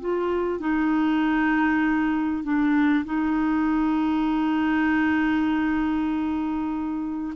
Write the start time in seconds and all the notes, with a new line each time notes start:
0.00 F4
0.60 D#4
2.44 D4
3.05 D#4